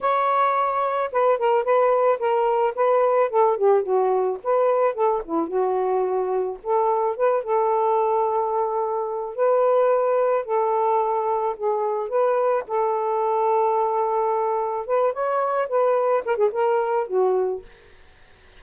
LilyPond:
\new Staff \with { instrumentName = "saxophone" } { \time 4/4 \tempo 4 = 109 cis''2 b'8 ais'8 b'4 | ais'4 b'4 a'8 g'8 fis'4 | b'4 a'8 e'8 fis'2 | a'4 b'8 a'2~ a'8~ |
a'4 b'2 a'4~ | a'4 gis'4 b'4 a'4~ | a'2. b'8 cis''8~ | cis''8 b'4 ais'16 gis'16 ais'4 fis'4 | }